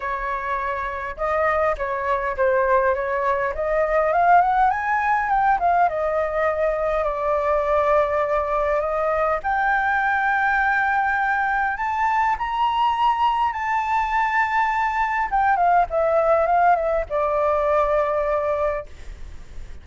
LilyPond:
\new Staff \with { instrumentName = "flute" } { \time 4/4 \tempo 4 = 102 cis''2 dis''4 cis''4 | c''4 cis''4 dis''4 f''8 fis''8 | gis''4 g''8 f''8 dis''2 | d''2. dis''4 |
g''1 | a''4 ais''2 a''4~ | a''2 g''8 f''8 e''4 | f''8 e''8 d''2. | }